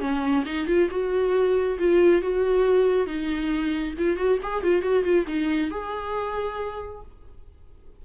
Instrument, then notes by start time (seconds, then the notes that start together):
viola
0.00 C#4
0.45 D#4
0.67 F4
0.90 F#4
1.79 F4
2.22 F#4
3.07 D#4
3.98 F4
4.16 F#4
4.42 G#4
4.63 F4
4.82 F#4
5.04 F4
5.27 D#4
5.70 G#4